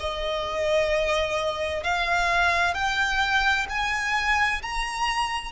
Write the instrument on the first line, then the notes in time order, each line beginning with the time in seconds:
violin
0.00 D#5
1.84 F5
2.75 G5
3.70 G#5
4.63 A#5